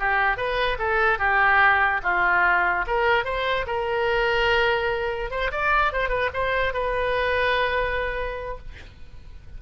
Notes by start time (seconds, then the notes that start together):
0.00 G4
0.37 B4
0.79 A4
1.19 G4
2.03 F4
2.88 A#4
3.25 C5
3.67 A#4
5.31 C5
5.52 D5
5.93 C5
6.10 B4
6.34 C5
6.74 B4